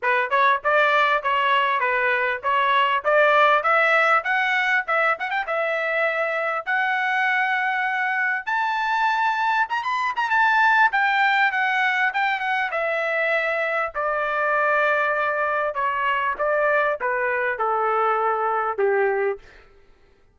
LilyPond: \new Staff \with { instrumentName = "trumpet" } { \time 4/4 \tempo 4 = 99 b'8 cis''8 d''4 cis''4 b'4 | cis''4 d''4 e''4 fis''4 | e''8 fis''16 g''16 e''2 fis''4~ | fis''2 a''2 |
ais''16 b''8 ais''16 a''4 g''4 fis''4 | g''8 fis''8 e''2 d''4~ | d''2 cis''4 d''4 | b'4 a'2 g'4 | }